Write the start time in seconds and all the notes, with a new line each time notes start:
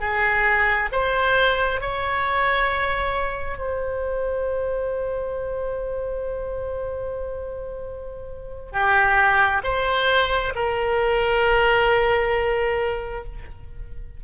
0.00 G#4
0.92 C5
1.81 C#5
3.58 C5
8.73 G4
9.64 C5
10.56 A#4